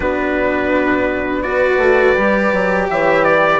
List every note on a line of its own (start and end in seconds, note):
0.00 1.77 B3
0.00 1.43 D4
0.00 1.44 F#4
0.00 1.42 B4
1.42 2.16 F#4
1.42 2.90 B4
1.42 2.86 D5
1.77 2.13 A3
2.16 2.53 G3
2.16 3.60 G4
2.53 2.89 F#3
2.89 3.60 E3
2.89 3.26 C#5
2.89 3.24 E5
3.24 3.60 B4
3.24 3.60 D5